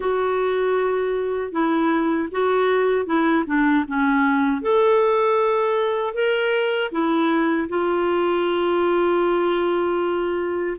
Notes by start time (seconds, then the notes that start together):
0.00 F#4
1.51 E4
2.31 F#4
3.06 E4
3.46 D4
3.87 C#4
4.62 A4
6.14 A#4
6.91 E4
7.69 F4